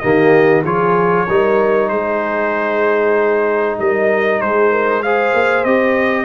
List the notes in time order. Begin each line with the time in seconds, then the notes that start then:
0.00 D#3 A#3 G4 D#5
0.64 F3 F4 G#4 C#5
1.28 G3 D#4 A#4
1.89 G#3 G#4 C5
3.79 G3 A#4 D#5
4.41 G#3 G#4 C5
4.72 A#4
5.03 G#4 C5 F5
5.34 A#3
5.64 C4 G4 D#5